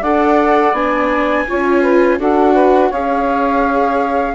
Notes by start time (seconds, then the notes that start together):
0.00 D4 A4 D5 F#5
0.72 B3 D4 G#5
1.47 C#4 F4 C#5
1.81 B4
2.19 D4 F#4 A4 F#5
2.53 B4
2.89 C#4 G#4 C#5 F5